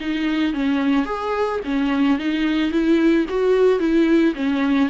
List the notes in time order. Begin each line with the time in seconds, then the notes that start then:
0.00 D#4
0.53 C#4
1.05 G#4
1.64 C#4
2.18 D#4
2.71 E4
3.29 F#4
3.79 E4
4.35 C#4